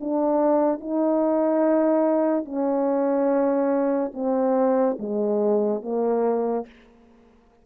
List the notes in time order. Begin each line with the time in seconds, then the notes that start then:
0.00 D4
0.80 D#4
2.45 C#4
4.14 C4
4.99 G#3
5.82 A#3